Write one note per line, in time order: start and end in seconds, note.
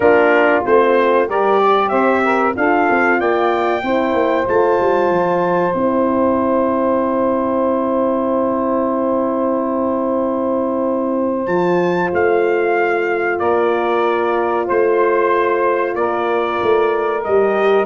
0.00 0.63 A#3
0.00 0.64 D4
0.00 1.28 F4
0.00 0.63 A#4
0.64 1.29 A3
0.64 1.26 C4
0.64 1.29 C5
1.26 1.91 G3
1.26 2.53 G4
1.26 1.60 A#4
1.26 1.89 D5
1.60 1.90 D5
1.89 2.55 C4
1.89 2.22 C5
1.89 2.52 E5
2.24 2.55 A#4
2.55 2.89 D4
2.55 3.82 F4
2.55 3.18 A4
2.55 3.20 F5
2.90 3.20 C4
3.18 3.82 A#3
3.18 3.82 D5
3.18 4.48 G5
3.82 4.13 C4
3.82 4.45 E4
3.82 13.39 C5
4.13 4.45 A#3
4.45 4.79 A3
4.45 5.72 F4
4.45 5.76 A5
4.80 5.09 G3
5.09 5.73 F3
5.73 11.46 C4
5.73 11.48 E4
5.73 11.46 G5
11.46 12.10 F3
11.46 17.23 F4
11.46 12.10 A5
12.12 13.39 A3
12.12 13.39 F5
13.39 14.67 A#3
13.39 14.65 A#4
13.39 14.67 D5
14.65 15.94 A3
14.65 15.93 C5
14.65 15.95 C5
15.94 16.58 A#3
15.94 17.85 A#4
15.94 17.22 D5
16.62 17.25 A3
17.24 17.85 G3
17.24 17.85 G4
17.24 17.85 D#5